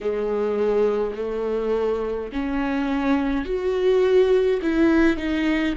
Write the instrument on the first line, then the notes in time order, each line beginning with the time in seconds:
viola
0.00 G#3
1.15 A3
2.32 C#4
3.45 F#4
4.62 E4
5.16 D#4